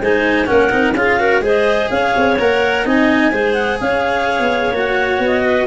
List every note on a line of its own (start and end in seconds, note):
0.00 0.47 G#3
0.00 0.46 D#4
0.00 0.47 C5
0.00 0.46 G#5
0.46 0.72 A#3
0.46 0.70 C#4
0.46 0.95 A#4
0.46 0.93 F#5
0.70 0.94 C4
0.70 0.94 D#4
0.94 1.40 C#4
0.94 1.19 F4
0.94 1.19 G#4
0.94 1.42 F5
1.19 1.42 F#4
1.19 1.43 A#4
1.40 1.87 G#3
1.40 2.36 G#4
1.40 1.90 C5
1.40 1.90 D#5
1.90 2.14 C#4
1.90 2.85 C#5
1.90 2.37 F5
2.16 2.38 C4
2.38 2.85 A#3
2.38 2.85 A#4
2.38 2.87 F#5
2.85 3.32 C4
2.85 3.31 D#4
2.85 3.31 D#5
2.85 3.53 G#5
3.31 3.79 G#3
3.31 4.73 G#4
3.31 3.78 C5
3.53 3.77 F#5
3.80 4.39 C#4
3.80 5.44 C#5
3.80 4.75 F5
4.39 4.72 B3
4.72 5.19 A#3
4.72 5.67 F#4
4.72 5.23 F#5
5.19 5.66 B3
5.25 5.67 D#5
5.44 5.67 B4